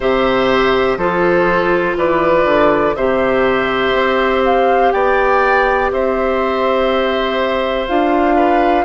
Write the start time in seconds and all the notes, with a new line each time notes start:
0.00 C3 G4 C5 E5
0.96 F3 F4 A4 C5
1.97 E3 B4 D5
2.44 D3
2.95 C3 G4 C5 E5
3.92 C4
4.44 F5
4.91 B3 D5 G5
5.91 C4 C5 E5
7.87 D4 F4 F5
8.35 B4